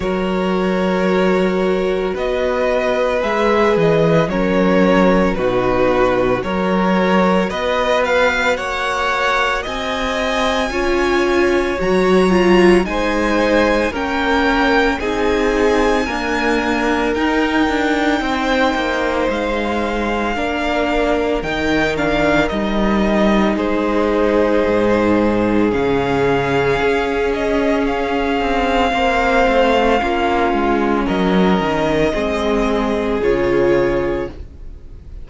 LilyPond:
<<
  \new Staff \with { instrumentName = "violin" } { \time 4/4 \tempo 4 = 56 cis''2 dis''4 e''8 dis''8 | cis''4 b'4 cis''4 dis''8 f''8 | fis''4 gis''2 ais''4 | gis''4 g''4 gis''2 |
g''2 f''2 | g''8 f''8 dis''4 c''2 | f''4. dis''8 f''2~ | f''4 dis''2 cis''4 | }
  \new Staff \with { instrumentName = "violin" } { \time 4/4 ais'2 b'2 | ais'4 fis'4 ais'4 b'4 | cis''4 dis''4 cis''2 | c''4 ais'4 gis'4 ais'4~ |
ais'4 c''2 ais'4~ | ais'2 gis'2~ | gis'2. c''4 | f'4 ais'4 gis'2 | }
  \new Staff \with { instrumentName = "viola" } { \time 4/4 fis'2. gis'4 | cis'4 dis'4 fis'2~ | fis'2 f'4 fis'8 f'8 | dis'4 cis'4 dis'4 ais4 |
dis'2. d'4 | dis'8 d'8 dis'2. | cis'2. c'4 | cis'2 c'4 f'4 | }
  \new Staff \with { instrumentName = "cello" } { \time 4/4 fis2 b4 gis8 e8 | fis4 b,4 fis4 b4 | ais4 c'4 cis'4 fis4 | gis4 ais4 c'4 d'4 |
dis'8 d'8 c'8 ais8 gis4 ais4 | dis4 g4 gis4 gis,4 | cis4 cis'4. c'8 ais8 a8 | ais8 gis8 fis8 dis8 gis4 cis4 | }
>>